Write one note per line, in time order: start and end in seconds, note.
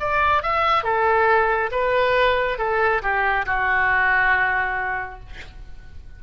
0.00 0.43 D5
0.43 0.83 E5
0.83 1.70 A4
1.72 2.58 B4
2.58 3.02 A4
3.02 3.46 G4
3.46 5.20 F#4